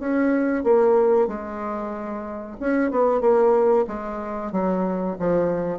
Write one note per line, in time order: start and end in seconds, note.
0.00 0.64 C#4
0.64 1.28 A#3
1.28 2.57 G#3
2.61 2.91 C#4
2.91 3.21 B3
3.21 3.86 A#3
3.88 4.52 G#3
4.52 5.17 F#3
5.20 5.79 F3